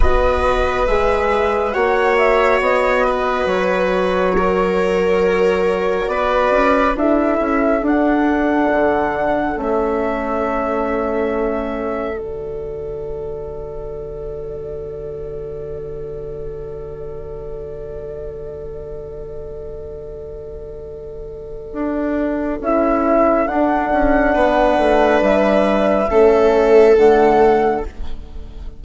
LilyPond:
<<
  \new Staff \with { instrumentName = "flute" } { \time 4/4 \tempo 4 = 69 dis''4 e''4 fis''8 e''8 dis''4 | cis''2. d''4 | e''4 fis''2 e''4~ | e''2 d''2~ |
d''1~ | d''1~ | d''2 e''4 fis''4~ | fis''4 e''2 fis''4 | }
  \new Staff \with { instrumentName = "viola" } { \time 4/4 b'2 cis''4. b'8~ | b'4 ais'2 b'4 | a'1~ | a'1~ |
a'1~ | a'1~ | a'1 | b'2 a'2 | }
  \new Staff \with { instrumentName = "horn" } { \time 4/4 fis'4 gis'4 fis'2~ | fis'1 | e'4 d'2 cis'4~ | cis'2 fis'2~ |
fis'1~ | fis'1~ | fis'2 e'4 d'4~ | d'2 cis'4 a4 | }
  \new Staff \with { instrumentName = "bassoon" } { \time 4/4 b4 gis4 ais4 b4 | fis2. b8 cis'8 | d'8 cis'8 d'4 d4 a4~ | a2 d2~ |
d1~ | d1~ | d4 d'4 cis'4 d'8 cis'8 | b8 a8 g4 a4 d4 | }
>>